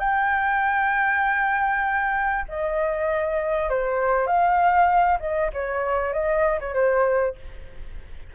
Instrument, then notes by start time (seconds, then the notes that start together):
flute
0.00 G5
2.49 D#5
3.70 C5
4.27 F5
5.20 D#5
5.54 C#5
6.13 D#5
6.60 C#5
6.74 C5